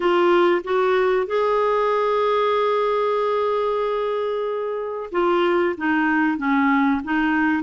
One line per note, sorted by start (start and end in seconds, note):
0.00 0.62 F4
0.64 1.26 F#4
1.26 5.09 G#4
5.11 5.75 F4
5.77 6.37 D#4
6.37 7.01 C#4
7.04 7.63 D#4